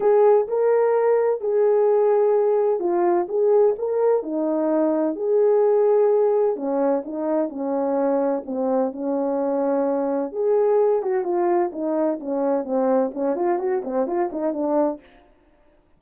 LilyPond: \new Staff \with { instrumentName = "horn" } { \time 4/4 \tempo 4 = 128 gis'4 ais'2 gis'4~ | gis'2 f'4 gis'4 | ais'4 dis'2 gis'4~ | gis'2 cis'4 dis'4 |
cis'2 c'4 cis'4~ | cis'2 gis'4. fis'8 | f'4 dis'4 cis'4 c'4 | cis'8 f'8 fis'8 c'8 f'8 dis'8 d'4 | }